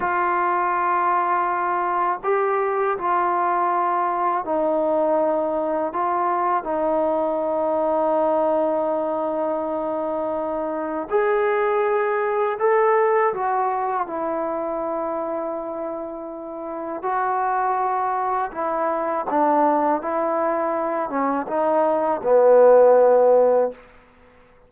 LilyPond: \new Staff \with { instrumentName = "trombone" } { \time 4/4 \tempo 4 = 81 f'2. g'4 | f'2 dis'2 | f'4 dis'2.~ | dis'2. gis'4~ |
gis'4 a'4 fis'4 e'4~ | e'2. fis'4~ | fis'4 e'4 d'4 e'4~ | e'8 cis'8 dis'4 b2 | }